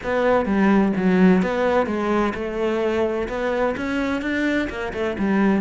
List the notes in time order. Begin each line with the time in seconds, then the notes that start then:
0.03 B3
0.45 G3
0.96 F#3
1.42 B3
1.86 G#3
2.34 A3
3.28 B3
3.76 C#4
4.21 D4
4.69 A#3
4.93 A3
5.18 G3